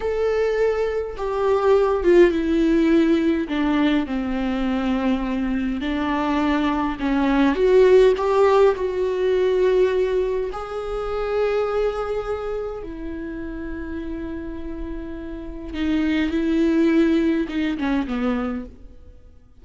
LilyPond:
\new Staff \with { instrumentName = "viola" } { \time 4/4 \tempo 4 = 103 a'2 g'4. f'8 | e'2 d'4 c'4~ | c'2 d'2 | cis'4 fis'4 g'4 fis'4~ |
fis'2 gis'2~ | gis'2 e'2~ | e'2. dis'4 | e'2 dis'8 cis'8 b4 | }